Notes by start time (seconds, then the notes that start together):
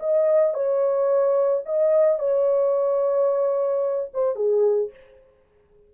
0.00 D#5
0.54 C#5
1.66 D#5
2.19 C#5
4.14 C5
4.36 G#4